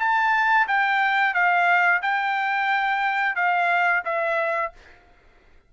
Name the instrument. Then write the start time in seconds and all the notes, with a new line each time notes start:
trumpet
0.00 A5
0.68 G5
1.34 F5
2.02 G5
3.36 F5
4.05 E5